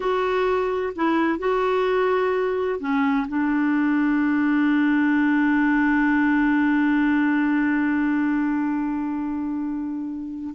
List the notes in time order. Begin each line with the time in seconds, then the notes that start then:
0.00 F#4
0.95 E4
1.38 F#4
2.79 C#4
3.27 D4